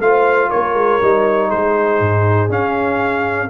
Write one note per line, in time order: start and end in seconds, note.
0.00 0.50 A3
0.00 1.02 F4
0.00 0.49 C5
0.00 0.51 F5
0.49 0.74 A#3
0.49 1.49 A#4
0.49 1.51 C#5
0.74 0.99 G#3
1.02 1.52 G3
1.02 2.50 D#4
1.49 2.00 G#3
1.49 3.49 G#4
1.49 2.51 C5
2.00 2.49 G#2
2.49 3.49 C#4
2.49 3.50 C#4
2.49 3.50 F5